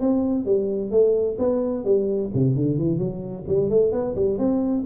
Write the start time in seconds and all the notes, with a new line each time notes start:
0.00 C4
0.45 G3
0.91 A3
1.38 B3
1.84 G3
2.34 C3
2.55 D3
2.78 E3
2.98 F#3
3.48 G3
3.69 A3
3.92 B3
4.15 G3
4.38 C4